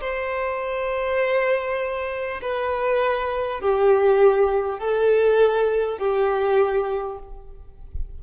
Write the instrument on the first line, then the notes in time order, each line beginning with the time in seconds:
violin
0.00 C5
2.41 B4
3.61 G4
4.78 A4
5.98 G4